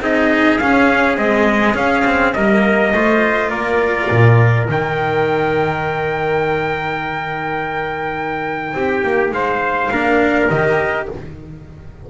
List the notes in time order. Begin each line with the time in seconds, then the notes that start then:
0.00 C4 D#4 G#4 D#5
0.59 C#4 F5
1.17 G#3 C4 D#5
1.74 C#4 F5
2.05 C4
2.34 G3 A#3 A#4 D#5
2.94 A3 F4 C5
3.50 A#3 A#4 D5
4.11 A#2
4.66 D#3 D#4 G5
8.74 C4 G4
9.04 A#3
9.31 G#3 C5 F5
9.91 A#3 D4 A#4
10.50 D#3 G4 D#5